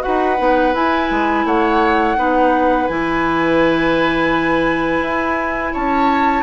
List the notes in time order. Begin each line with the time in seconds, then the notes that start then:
0.00 F#4 B4 F#5
0.07 D#4
0.38 B3 D#4
0.74 E4 G#5
1.11 G#3
1.44 A3 C#5 F#5
2.17 B3 D#4 B4
2.87 E3 E4 G#5
5.01 E4
5.73 C#4 C#5 A5